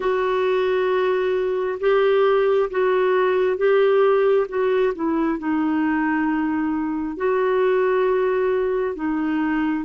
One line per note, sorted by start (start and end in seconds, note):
0.00 1.78 F#4
1.80 2.69 G4
2.70 3.57 F#4
3.57 4.46 G4
4.48 4.93 F#4
4.94 5.39 E4
5.39 7.16 D#4
7.16 8.95 F#4
8.95 9.84 D#4